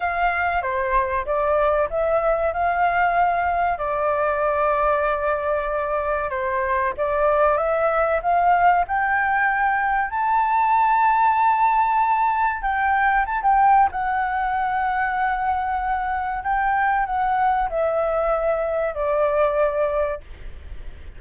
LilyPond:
\new Staff \with { instrumentName = "flute" } { \time 4/4 \tempo 4 = 95 f''4 c''4 d''4 e''4 | f''2 d''2~ | d''2 c''4 d''4 | e''4 f''4 g''2 |
a''1 | g''4 a''16 g''8. fis''2~ | fis''2 g''4 fis''4 | e''2 d''2 | }